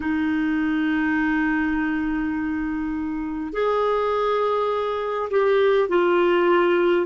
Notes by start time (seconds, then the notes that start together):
0.00 D#4
3.52 G#4
5.30 G4
5.88 F4